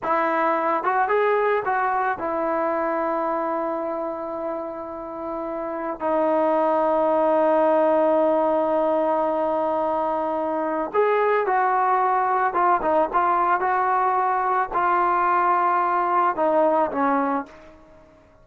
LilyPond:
\new Staff \with { instrumentName = "trombone" } { \time 4/4 \tempo 4 = 110 e'4. fis'8 gis'4 fis'4 | e'1~ | e'2. dis'4~ | dis'1~ |
dis'1 | gis'4 fis'2 f'8 dis'8 | f'4 fis'2 f'4~ | f'2 dis'4 cis'4 | }